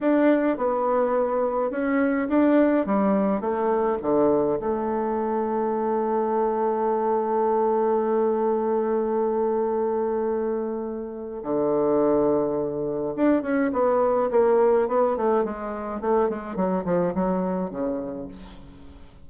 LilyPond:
\new Staff \with { instrumentName = "bassoon" } { \time 4/4 \tempo 4 = 105 d'4 b2 cis'4 | d'4 g4 a4 d4 | a1~ | a1~ |
a1 | d2. d'8 cis'8 | b4 ais4 b8 a8 gis4 | a8 gis8 fis8 f8 fis4 cis4 | }